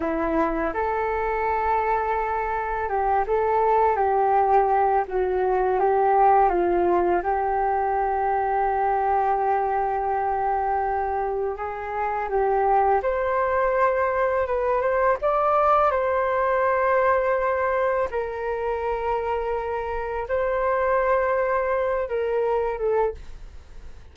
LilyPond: \new Staff \with { instrumentName = "flute" } { \time 4/4 \tempo 4 = 83 e'4 a'2. | g'8 a'4 g'4. fis'4 | g'4 f'4 g'2~ | g'1 |
gis'4 g'4 c''2 | b'8 c''8 d''4 c''2~ | c''4 ais'2. | c''2~ c''8 ais'4 a'8 | }